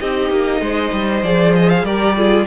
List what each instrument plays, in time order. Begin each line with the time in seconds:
0.00 cello C4, viola D#4, violin G4 D#5
0.31 cello A#3
0.61 cello G#3, violin C5
0.92 cello G3
1.23 cello F3, viola G#4, violin D5
1.56 violin D#5
1.70 violin F5
1.83 cello G3, viola G4, violin A#4 D5
2.17 viola F4, violin G#4